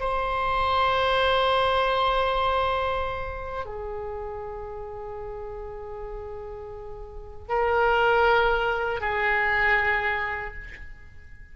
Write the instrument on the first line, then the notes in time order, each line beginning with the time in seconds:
oboe
0.00 C5
3.65 G#4
7.49 A#4
9.01 G#4